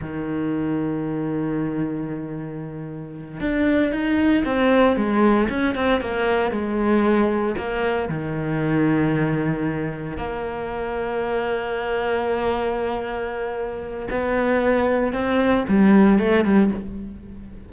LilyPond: \new Staff \with { instrumentName = "cello" } { \time 4/4 \tempo 4 = 115 dis1~ | dis2~ dis8 d'4 dis'8~ | dis'8 c'4 gis4 cis'8 c'8 ais8~ | ais8 gis2 ais4 dis8~ |
dis2.~ dis8 ais8~ | ais1~ | ais2. b4~ | b4 c'4 g4 a8 g8 | }